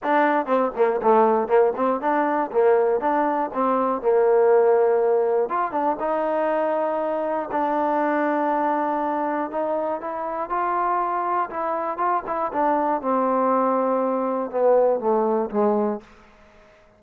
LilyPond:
\new Staff \with { instrumentName = "trombone" } { \time 4/4 \tempo 4 = 120 d'4 c'8 ais8 a4 ais8 c'8 | d'4 ais4 d'4 c'4 | ais2. f'8 d'8 | dis'2. d'4~ |
d'2. dis'4 | e'4 f'2 e'4 | f'8 e'8 d'4 c'2~ | c'4 b4 a4 gis4 | }